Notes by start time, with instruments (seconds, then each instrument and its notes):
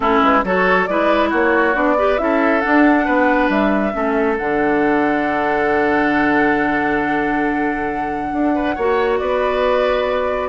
0.00 bassoon A3, clarinet C#4, oboe E4, flute A4
0.22 bassoon G#3, flute B4
0.43 bassoon F#3, clarinet F#4, oboe A4, flute C#5
0.86 bassoon G#3, clarinet E4, oboe B4, flute D5
1.29 bassoon A#3, oboe F#4, flute C#5
1.74 bassoon B3, clarinet D4, flute D5
1.97 clarinet G4, oboe B4
2.17 bassoon C#4, clarinet E4, oboe A4, flute E5
2.60 clarinet D4, bassoon D4, flute F#5
3.05 bassoon B3, oboe B4
3.49 bassoon G3, flute E5
3.92 bassoon A3, clarinet C#4, oboe A4
4.37 bassoon D3, clarinet D4, flute F#5
8.32 bassoon D4
8.54 oboe B4
8.75 bassoon A#3, clarinet F#4, oboe C#5
9.18 bassoon B3, oboe B4, flute D5